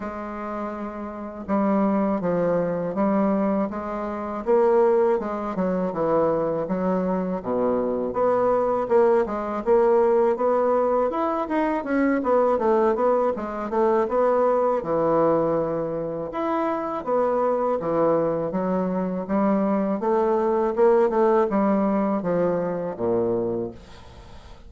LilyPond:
\new Staff \with { instrumentName = "bassoon" } { \time 4/4 \tempo 4 = 81 gis2 g4 f4 | g4 gis4 ais4 gis8 fis8 | e4 fis4 b,4 b4 | ais8 gis8 ais4 b4 e'8 dis'8 |
cis'8 b8 a8 b8 gis8 a8 b4 | e2 e'4 b4 | e4 fis4 g4 a4 | ais8 a8 g4 f4 ais,4 | }